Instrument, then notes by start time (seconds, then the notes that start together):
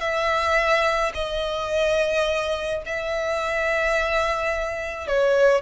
violin
0.00 E5
1.14 D#5
2.85 E5
5.07 C#5